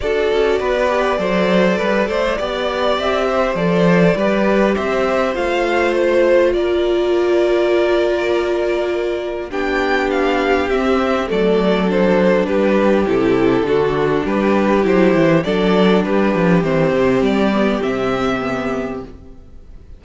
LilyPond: <<
  \new Staff \with { instrumentName = "violin" } { \time 4/4 \tempo 4 = 101 d''1~ | d''4 e''4 d''2 | e''4 f''4 c''4 d''4~ | d''1 |
g''4 f''4 e''4 d''4 | c''4 b'4 a'2 | b'4 c''4 d''4 b'4 | c''4 d''4 e''2 | }
  \new Staff \with { instrumentName = "violin" } { \time 4/4 a'4 b'4 c''4 b'8 c''8 | d''4. c''4. b'4 | c''2. ais'4~ | ais'1 |
g'2. a'4~ | a'4 g'2 fis'4 | g'2 a'4 g'4~ | g'1 | }
  \new Staff \with { instrumentName = "viola" } { \time 4/4 fis'4. g'8 a'2 | g'2 a'4 g'4~ | g'4 f'2.~ | f'1 |
d'2 c'4 a4 | d'2 e'4 d'4~ | d'4 e'4 d'2 | c'4. b8 c'4 b4 | }
  \new Staff \with { instrumentName = "cello" } { \time 4/4 d'8 cis'8 b4 fis4 g8 a8 | b4 c'4 f4 g4 | c'4 a2 ais4~ | ais1 |
b2 c'4 fis4~ | fis4 g4 c4 d4 | g4 fis8 e8 fis4 g8 f8 | e8 c8 g4 c2 | }
>>